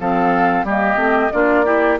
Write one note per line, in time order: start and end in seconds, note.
0.00 0.64 F3
0.00 0.67 C4
0.00 0.66 A4
0.00 0.67 F5
0.64 0.96 G3
0.64 0.97 A#3
0.64 1.32 G4
0.64 1.32 D#5
0.96 1.29 A3
0.96 1.30 C4
1.32 2.00 A#3
1.32 1.65 D4
1.32 1.65 F4
1.32 1.98 D5
1.65 1.98 E4
1.65 1.98 G4